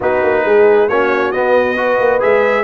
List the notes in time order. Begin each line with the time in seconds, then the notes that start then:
0.00 B3 D#4 F#4 B4
0.22 A#3
0.44 G#3 G#4
0.88 A#3 C#4 F#4 C#5
1.31 B3 D#5
1.76 F#4 B4
1.99 A#3
2.19 G#3 G#4 E5